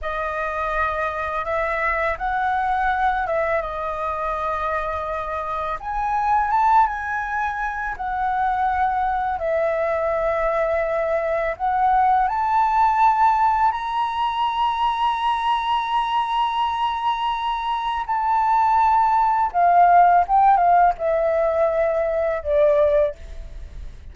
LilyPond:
\new Staff \with { instrumentName = "flute" } { \time 4/4 \tempo 4 = 83 dis''2 e''4 fis''4~ | fis''8 e''8 dis''2. | gis''4 a''8 gis''4. fis''4~ | fis''4 e''2. |
fis''4 a''2 ais''4~ | ais''1~ | ais''4 a''2 f''4 | g''8 f''8 e''2 d''4 | }